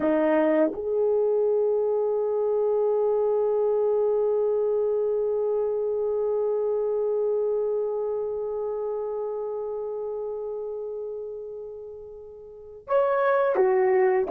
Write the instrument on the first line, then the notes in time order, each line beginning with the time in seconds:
horn
0.00 D#4
0.73 G#4
12.87 C#5
13.55 F#4